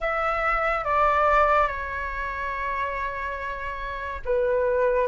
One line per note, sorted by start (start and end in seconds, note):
0.00 0.84 E5
0.84 1.67 D5
1.67 4.21 C#5
4.25 5.07 B4